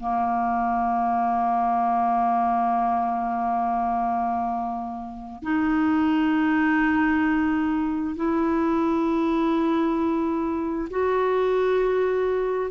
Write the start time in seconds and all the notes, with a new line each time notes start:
0.00 A#3
5.43 D#4
8.16 E4
10.90 F#4